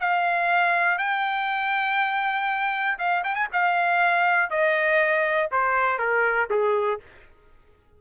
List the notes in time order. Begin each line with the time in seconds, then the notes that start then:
0.00 F5
0.98 G5
2.98 F5
3.24 G5
3.35 G#5
3.52 F5
4.50 D#5
5.52 C5
5.98 A#4
6.50 G#4